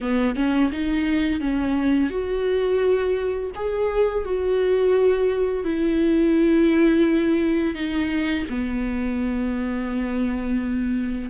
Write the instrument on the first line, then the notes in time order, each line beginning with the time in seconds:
viola
0.00 B3
0.35 C#4
0.71 D#4
1.40 C#4
2.10 F#4
3.55 G#4
4.24 F#4
5.64 E4
7.75 D#4
8.49 B3